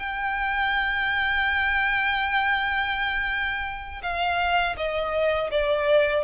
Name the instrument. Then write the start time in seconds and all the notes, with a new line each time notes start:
violin
0.00 G5
4.03 F5
4.78 D#5
5.51 D5